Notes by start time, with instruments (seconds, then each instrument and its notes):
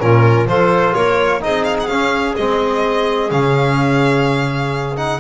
0.00 double bass A#2, trombone C#4, clarinet F4, violin A#4
0.46 double bass F3, trombone F4, clarinet A4, violin C5
0.94 double bass A#3, clarinet A#4, violin C#5
1.41 double bass C4, trombone D#4, clarinet G#4, violin D#5
1.65 violin F5
1.80 violin F#5
1.87 double bass C#4, trombone C#4, violin F5
2.36 double bass G#3, trombone C4, violin D#5
3.31 double bass C#3, trombone C#4, violin F5
4.97 trombone D#4, violin F#5